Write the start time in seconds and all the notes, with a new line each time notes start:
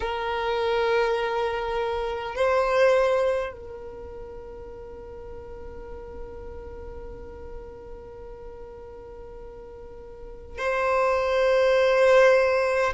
0.00 A#4
2.35 C5
3.52 A#4
10.58 C5